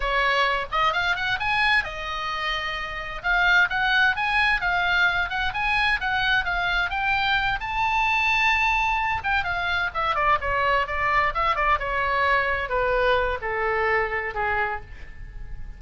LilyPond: \new Staff \with { instrumentName = "oboe" } { \time 4/4 \tempo 4 = 130 cis''4. dis''8 f''8 fis''8 gis''4 | dis''2. f''4 | fis''4 gis''4 f''4. fis''8 | gis''4 fis''4 f''4 g''4~ |
g''8 a''2.~ a''8 | g''8 f''4 e''8 d''8 cis''4 d''8~ | d''8 e''8 d''8 cis''2 b'8~ | b'4 a'2 gis'4 | }